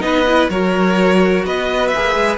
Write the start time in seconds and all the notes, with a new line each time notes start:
0.00 B3 D#4 B4 D#5
0.27 E4
0.50 F#3 F#4 A#4 C#5
1.45 B3 B4 D#5
1.88 E5
1.95 A#3 G#4
2.15 G#3